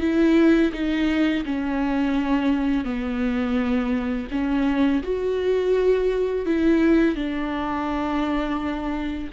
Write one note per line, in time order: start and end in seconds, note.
0.00 0.71 E4
0.72 1.44 D#4
1.45 2.84 C#4
2.84 4.27 B3
4.31 5.02 C#4
5.03 6.46 F#4
6.46 7.15 E4
7.15 9.30 D4